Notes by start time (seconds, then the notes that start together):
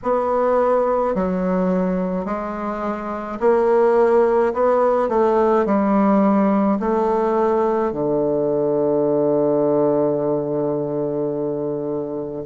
0.03 B3
1.14 F#3
2.25 G#3
3.40 A#3
4.53 B3
5.08 A3
5.66 G3
6.79 A3
7.92 D3